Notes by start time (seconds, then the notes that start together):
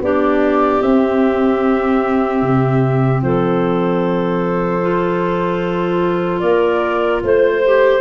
0.00 B3 D4 G4 D5
0.82 C4 E5
2.42 C3
3.22 F3 A4 C5
4.82 F4
6.40 A#3 A#4 D5
7.23 A3 C5
7.65 G4